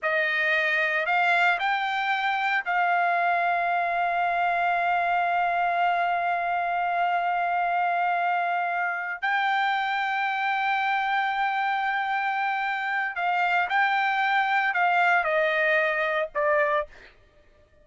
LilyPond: \new Staff \with { instrumentName = "trumpet" } { \time 4/4 \tempo 4 = 114 dis''2 f''4 g''4~ | g''4 f''2.~ | f''1~ | f''1~ |
f''4. g''2~ g''8~ | g''1~ | g''4 f''4 g''2 | f''4 dis''2 d''4 | }